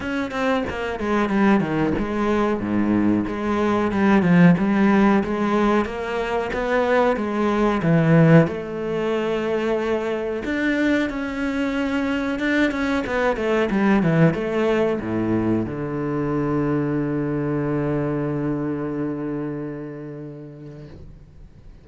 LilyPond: \new Staff \with { instrumentName = "cello" } { \time 4/4 \tempo 4 = 92 cis'8 c'8 ais8 gis8 g8 dis8 gis4 | gis,4 gis4 g8 f8 g4 | gis4 ais4 b4 gis4 | e4 a2. |
d'4 cis'2 d'8 cis'8 | b8 a8 g8 e8 a4 a,4 | d1~ | d1 | }